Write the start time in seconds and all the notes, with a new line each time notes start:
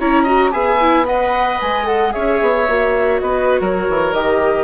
0.00 C#4 E4 C#5 A#5
0.23 F#4 D#5
0.51 B3 G#4 E5 G#5
0.81 E4
1.06 B4 D#5 F#5
1.61 G#3 G#5
1.84 A4 F#5
2.11 C#4 G#4 C#5 E5
2.42 B3
2.68 A#3 F#4
3.20 B3 B4 D#5
3.61 F#3 A#4 C#5
3.90 E3
4.13 D#3 G4 D#5